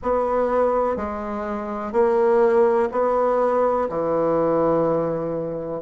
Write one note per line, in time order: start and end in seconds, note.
0.02 0.96 B3
0.96 1.92 G#3
1.92 2.89 A#3
2.91 3.88 B3
3.89 5.81 E3